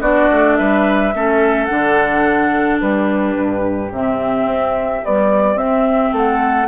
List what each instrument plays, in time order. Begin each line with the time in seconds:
0.00 bassoon B3, clarinet D4, oboe F#4, flute D5
0.31 bassoon A3
0.56 bassoon G3, oboe B4, flute E5
1.14 bassoon A3, clarinet C#4, oboe A4
1.65 bassoon D3, clarinet D4, flute F#5
2.80 bassoon G3, oboe G4, flute B4
3.36 bassoon G2
3.91 bassoon C3, clarinet C4, flute E5
4.45 bassoon C4
5.04 clarinet G3, bassoon B3, flute D5
5.55 bassoon C4, clarinet C4, flute E5
6.11 bassoon A3, oboe A4, flute F#5